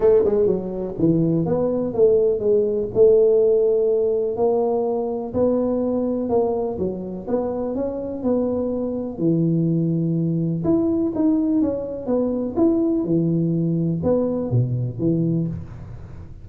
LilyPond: \new Staff \with { instrumentName = "tuba" } { \time 4/4 \tempo 4 = 124 a8 gis8 fis4 e4 b4 | a4 gis4 a2~ | a4 ais2 b4~ | b4 ais4 fis4 b4 |
cis'4 b2 e4~ | e2 e'4 dis'4 | cis'4 b4 e'4 e4~ | e4 b4 b,4 e4 | }